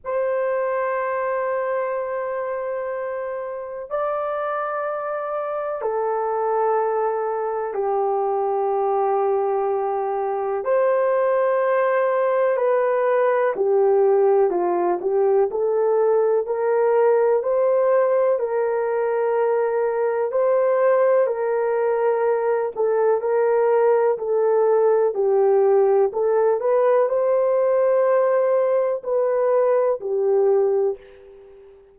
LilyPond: \new Staff \with { instrumentName = "horn" } { \time 4/4 \tempo 4 = 62 c''1 | d''2 a'2 | g'2. c''4~ | c''4 b'4 g'4 f'8 g'8 |
a'4 ais'4 c''4 ais'4~ | ais'4 c''4 ais'4. a'8 | ais'4 a'4 g'4 a'8 b'8 | c''2 b'4 g'4 | }